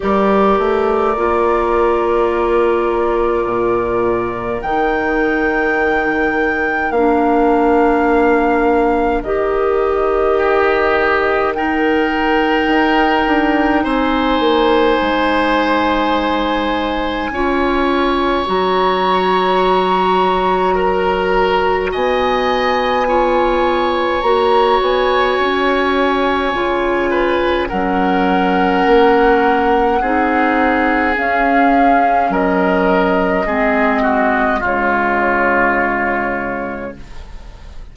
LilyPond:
<<
  \new Staff \with { instrumentName = "flute" } { \time 4/4 \tempo 4 = 52 d''1 | g''2 f''2 | dis''2 g''2 | gis''1 |
ais''2. gis''4~ | gis''4 ais''8 gis''2~ gis''8 | fis''2. f''4 | dis''2 cis''2 | }
  \new Staff \with { instrumentName = "oboe" } { \time 4/4 ais'1~ | ais'1~ | ais'4 g'4 ais'2 | c''2. cis''4~ |
cis''2 ais'4 dis''4 | cis''2.~ cis''8 b'8 | ais'2 gis'2 | ais'4 gis'8 fis'8 f'2 | }
  \new Staff \with { instrumentName = "clarinet" } { \time 4/4 g'4 f'2. | dis'2 d'2 | g'2 dis'2~ | dis'2. f'4 |
fis'1 | f'4 fis'2 f'4 | cis'2 dis'4 cis'4~ | cis'4 c'4 gis2 | }
  \new Staff \with { instrumentName = "bassoon" } { \time 4/4 g8 a8 ais2 ais,4 | dis2 ais2 | dis2. dis'8 d'8 | c'8 ais8 gis2 cis'4 |
fis2. b4~ | b4 ais8 b8 cis'4 cis4 | fis4 ais4 c'4 cis'4 | fis4 gis4 cis2 | }
>>